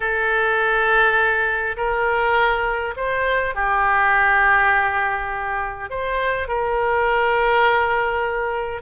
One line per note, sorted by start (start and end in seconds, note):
0.00 1.76 A4
1.76 2.94 A#4
2.96 3.55 C5
3.55 5.90 G4
5.90 6.48 C5
6.48 8.81 A#4